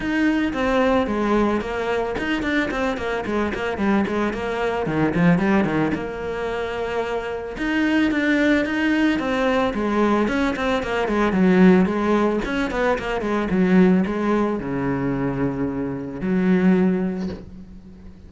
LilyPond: \new Staff \with { instrumentName = "cello" } { \time 4/4 \tempo 4 = 111 dis'4 c'4 gis4 ais4 | dis'8 d'8 c'8 ais8 gis8 ais8 g8 gis8 | ais4 dis8 f8 g8 dis8 ais4~ | ais2 dis'4 d'4 |
dis'4 c'4 gis4 cis'8 c'8 | ais8 gis8 fis4 gis4 cis'8 b8 | ais8 gis8 fis4 gis4 cis4~ | cis2 fis2 | }